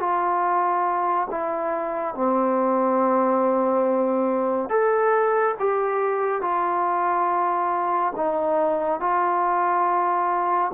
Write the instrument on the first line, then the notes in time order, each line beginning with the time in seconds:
trombone
0.00 F4
1.31 E4
2.15 C4
4.70 A4
5.60 G4
6.42 F4
8.16 D#4
9.01 F4